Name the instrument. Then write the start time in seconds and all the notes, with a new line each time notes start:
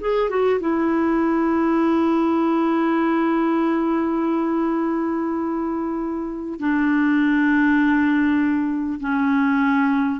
clarinet
0.00 G#4
0.29 F#4
0.60 E4
6.59 D4
8.99 C#4